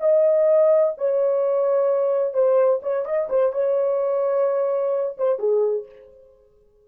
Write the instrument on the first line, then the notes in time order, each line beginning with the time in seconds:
horn
0.00 D#5
0.98 C#5
2.34 C5
2.82 C#5
3.05 D#5
3.30 C5
3.52 C#5
5.18 C5
5.39 G#4